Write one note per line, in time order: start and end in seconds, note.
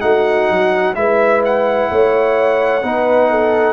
0.00 0.49 A3
0.00 0.94 D#4
0.00 0.96 F#4
0.00 0.94 F#5
0.49 0.95 F#3
0.94 1.89 G#3
0.94 2.81 E4
0.94 1.91 B4
0.94 1.42 E5
1.45 3.72 F#5
1.90 2.83 A3
1.90 2.84 C#5
2.82 3.72 B3
2.82 3.72 D#4
2.82 3.30 B4
3.30 3.72 A4